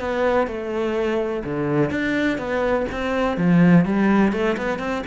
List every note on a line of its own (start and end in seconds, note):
0.00 0.48 B3
0.48 1.44 A3
1.45 1.90 D3
1.90 2.38 D4
2.38 2.86 B3
2.92 3.37 C4
3.37 3.85 F3
3.86 4.33 G3
4.33 4.57 A3
4.58 4.79 B3
4.79 5.03 C4